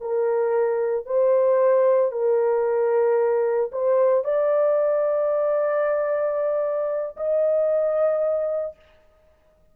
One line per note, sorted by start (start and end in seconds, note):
0.00 1.05 A#4
1.05 2.11 C5
2.11 3.71 A#4
3.71 4.24 C5
4.24 7.16 D5
7.16 8.76 D#5